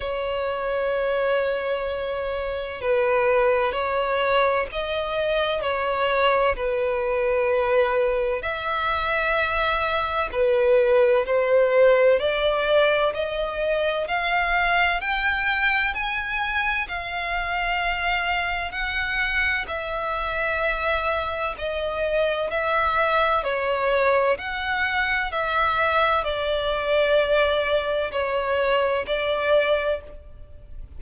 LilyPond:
\new Staff \with { instrumentName = "violin" } { \time 4/4 \tempo 4 = 64 cis''2. b'4 | cis''4 dis''4 cis''4 b'4~ | b'4 e''2 b'4 | c''4 d''4 dis''4 f''4 |
g''4 gis''4 f''2 | fis''4 e''2 dis''4 | e''4 cis''4 fis''4 e''4 | d''2 cis''4 d''4 | }